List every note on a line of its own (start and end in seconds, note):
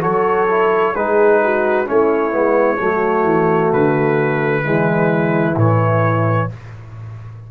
0.00 0.95 F#3
0.00 0.46 F#4
0.00 0.93 A4
0.00 0.95 C#5
0.49 0.96 E4
0.93 1.87 G#3
0.93 1.85 D#4
0.93 1.40 G#4
0.93 1.87 B4
1.43 1.87 F#4
1.85 2.33 A3
1.85 2.30 C#4
1.85 2.80 E4
1.85 3.72 C#5
2.30 2.79 G#3
2.30 2.77 B3
2.78 3.23 F#3
2.78 4.63 A3
2.78 4.63 F#4
3.23 3.69 E3
3.72 4.65 D3
3.72 5.57 B4
4.63 5.56 E3
4.63 5.55 G#3
4.63 6.48 E4
5.56 6.48 A2
5.56 6.49 E3
5.56 6.51 C#5